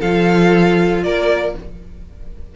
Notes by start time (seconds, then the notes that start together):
0.00 F3 F4 A4 F5
1.03 A#3 A#4 D5